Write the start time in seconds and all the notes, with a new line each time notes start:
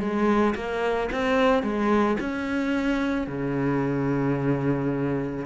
0.00 G#3
0.55 A#3
1.12 C4
1.63 G#3
2.20 C#4
3.27 C#3